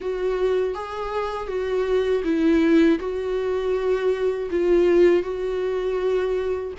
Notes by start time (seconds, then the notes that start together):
0.00 F#4
0.74 G#4
1.47 F#4
2.24 E4
2.99 F#4
4.50 F4
5.22 F#4